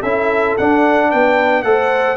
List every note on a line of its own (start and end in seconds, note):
0.00 0.57 C#4
0.00 0.59 E4
0.00 1.08 A4
0.00 0.57 E5
0.58 1.65 D4
0.58 1.13 D4
0.58 1.11 F#5
1.10 1.64 B3
1.10 1.64 B4
1.10 1.63 G5
1.63 2.17 A3
1.63 2.17 A4
1.63 2.17 C5
1.63 2.17 F#5